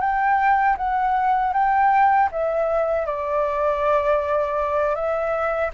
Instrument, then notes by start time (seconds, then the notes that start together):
flute
0.00 G5
0.77 F#5
1.53 G5
2.31 E5
3.06 D5
4.95 E5